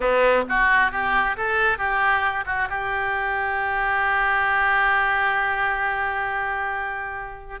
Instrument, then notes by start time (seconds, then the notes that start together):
oboe
0.00 B3
0.48 F#4
0.91 G4
1.37 A4
1.77 G4
2.45 F#4
2.69 G4